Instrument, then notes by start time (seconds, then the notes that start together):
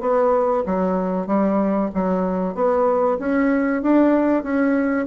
bassoon
0.00 B3
0.66 F#3
1.26 G3
1.94 F#3
2.54 B3
3.19 C#4
3.82 D4
4.43 C#4